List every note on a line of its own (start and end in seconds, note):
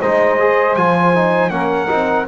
0.00 0.76 G#3
0.00 0.40 D#4
0.00 1.52 C5
0.00 0.76 D#5
0.40 0.78 G#4
0.76 1.50 F3
0.76 1.15 F4
0.76 1.50 G#5
1.15 1.50 D#4
1.50 1.88 A#3
1.50 1.88 C#4
1.50 2.28 A#4
1.50 2.26 F#5
1.88 2.28 C4
1.88 2.26 D#4